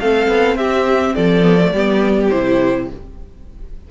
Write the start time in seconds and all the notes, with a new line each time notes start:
0.00 A3 C4 A4 F5
0.28 B3
0.56 C4 G4 E5
1.15 F3 A4 D5
1.43 B3
1.60 A3
1.72 G3 B3 G4
2.30 C3 E4 C5